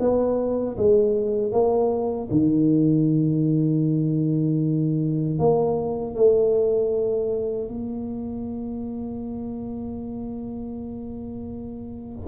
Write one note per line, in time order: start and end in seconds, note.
0.00 0.77 B3
0.77 1.52 G#3
1.52 2.29 A#3
2.31 5.39 D#3
5.39 6.15 A#3
6.15 7.68 A3
7.68 12.28 A#3